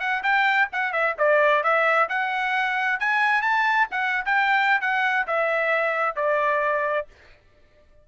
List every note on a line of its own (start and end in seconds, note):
0.00 0.23 F#5
0.23 0.68 G5
0.72 0.92 F#5
0.92 1.15 E5
1.18 1.63 D5
1.63 2.09 E5
2.09 3.00 F#5
3.00 3.42 G#5
3.42 3.87 A5
3.91 4.25 F#5
4.25 4.81 G5
4.81 5.26 F#5
5.27 6.16 E5
6.16 7.07 D5